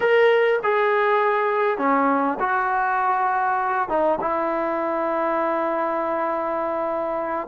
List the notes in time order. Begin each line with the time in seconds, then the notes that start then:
0.00 A#4
0.63 G#4
1.78 C#4
2.39 F#4
3.88 D#4
4.20 E4